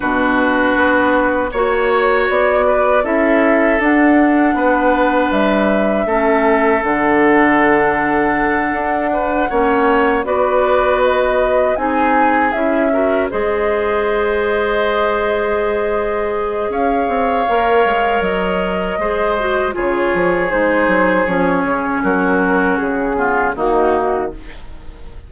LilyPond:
<<
  \new Staff \with { instrumentName = "flute" } { \time 4/4 \tempo 4 = 79 b'2 cis''4 d''4 | e''4 fis''2 e''4~ | e''4 fis''2.~ | fis''4. d''4 dis''4 gis''8~ |
gis''8 e''4 dis''2~ dis''8~ | dis''2 f''2 | dis''2 cis''4 c''4 | cis''4 ais'4 gis'4 fis'4 | }
  \new Staff \with { instrumentName = "oboe" } { \time 4/4 fis'2 cis''4. b'8 | a'2 b'2 | a'1 | b'8 cis''4 b'2 gis'8~ |
gis'4 ais'8 c''2~ c''8~ | c''2 cis''2~ | cis''4 c''4 gis'2~ | gis'4 fis'4. f'8 dis'4 | }
  \new Staff \with { instrumentName = "clarinet" } { \time 4/4 d'2 fis'2 | e'4 d'2. | cis'4 d'2.~ | d'8 cis'4 fis'2 dis'8~ |
dis'8 e'8 fis'8 gis'2~ gis'8~ | gis'2. ais'4~ | ais'4 gis'8 fis'8 f'4 dis'4 | cis'2~ cis'8 b8 ais4 | }
  \new Staff \with { instrumentName = "bassoon" } { \time 4/4 b,4 b4 ais4 b4 | cis'4 d'4 b4 g4 | a4 d2~ d8 d'8~ | d'8 ais4 b2 c'8~ |
c'8 cis'4 gis2~ gis8~ | gis2 cis'8 c'8 ais8 gis8 | fis4 gis4 cis8 f8 gis8 fis8 | f8 cis8 fis4 cis4 dis4 | }
>>